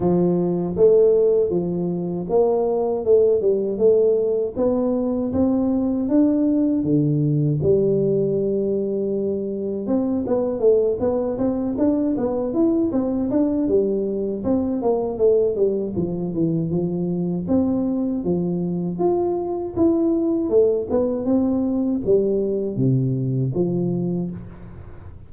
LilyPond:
\new Staff \with { instrumentName = "tuba" } { \time 4/4 \tempo 4 = 79 f4 a4 f4 ais4 | a8 g8 a4 b4 c'4 | d'4 d4 g2~ | g4 c'8 b8 a8 b8 c'8 d'8 |
b8 e'8 c'8 d'8 g4 c'8 ais8 | a8 g8 f8 e8 f4 c'4 | f4 f'4 e'4 a8 b8 | c'4 g4 c4 f4 | }